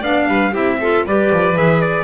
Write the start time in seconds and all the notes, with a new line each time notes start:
0.00 B3 D4 D5 F5
0.27 G3 B4
0.52 C4 E4 G4 E5
0.80 F4 A4
1.05 G3 G4 B4 D5
1.32 F3
1.55 E3 G#4 E5
1.82 D5